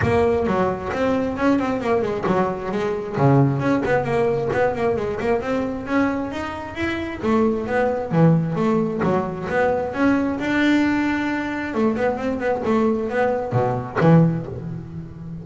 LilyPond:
\new Staff \with { instrumentName = "double bass" } { \time 4/4 \tempo 4 = 133 ais4 fis4 c'4 cis'8 c'8 | ais8 gis8 fis4 gis4 cis4 | cis'8 b8 ais4 b8 ais8 gis8 ais8 | c'4 cis'4 dis'4 e'4 |
a4 b4 e4 a4 | fis4 b4 cis'4 d'4~ | d'2 a8 b8 c'8 b8 | a4 b4 b,4 e4 | }